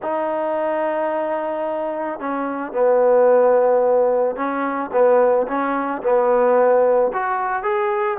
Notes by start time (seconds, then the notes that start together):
0.02 D#4
2.19 C#4
2.72 B3
4.36 C#4
4.92 B3
5.47 C#4
6.02 B3
7.13 F#4
7.62 G#4